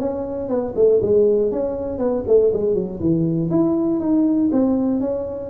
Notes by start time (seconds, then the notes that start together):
0.00 C#4
0.49 B3
0.76 A3
1.02 G#3
1.52 C#4
1.99 B3
2.28 A3
2.54 G#3
2.75 F#3
3.00 E3
3.51 E4
4.01 D#4
4.52 C4
5.01 C#4